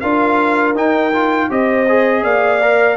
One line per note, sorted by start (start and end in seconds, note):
0.00 0.75 D4
0.00 0.75 F4
0.00 1.49 A#4
0.00 0.74 F5
0.75 1.49 D#4
0.75 1.12 D#4
0.75 1.51 G5
1.13 1.50 F4
1.50 2.23 C4
1.50 1.87 G4
1.50 2.23 C5
1.50 2.24 D#5
1.88 2.62 G#4
2.23 2.96 A#3
2.23 2.96 D5
2.23 2.96 F5
2.62 2.96 A#4